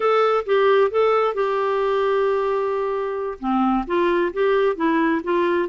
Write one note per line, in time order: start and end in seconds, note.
0.00 0.44 A4
0.46 0.90 G4
0.90 1.34 A4
1.34 3.38 G4
3.39 3.85 C4
3.86 4.32 F4
4.33 4.76 G4
4.76 5.21 E4
5.23 5.68 F4